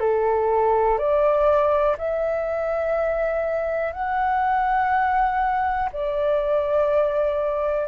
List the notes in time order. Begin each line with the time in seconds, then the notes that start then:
0.00 A4
0.98 D5
1.98 E5
3.93 F#5
5.93 D5